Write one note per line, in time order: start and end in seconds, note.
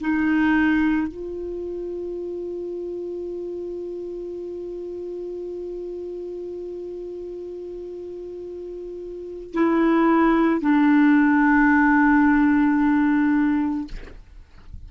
0.00 1.08 D#4
1.08 9.53 F4
9.53 10.61 E4
10.61 13.88 D4